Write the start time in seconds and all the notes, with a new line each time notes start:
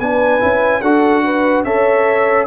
0.00 B3 D4 B4 G#5
0.40 C#4 E4
0.82 D4 F#4 A4 F#5
1.24 B4
1.65 C#4 A4 C#5 E5